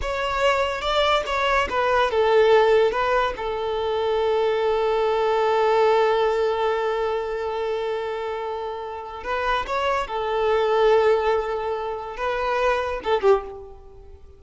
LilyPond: \new Staff \with { instrumentName = "violin" } { \time 4/4 \tempo 4 = 143 cis''2 d''4 cis''4 | b'4 a'2 b'4 | a'1~ | a'1~ |
a'1~ | a'2 b'4 cis''4 | a'1~ | a'4 b'2 a'8 g'8 | }